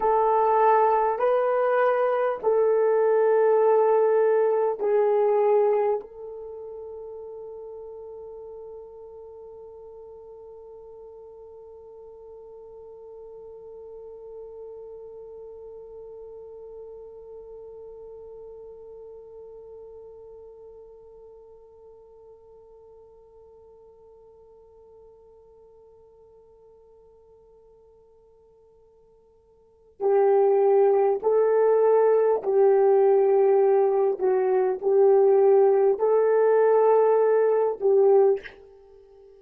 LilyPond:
\new Staff \with { instrumentName = "horn" } { \time 4/4 \tempo 4 = 50 a'4 b'4 a'2 | gis'4 a'2.~ | a'1~ | a'1~ |
a'1~ | a'1~ | a'4 g'4 a'4 g'4~ | g'8 fis'8 g'4 a'4. g'8 | }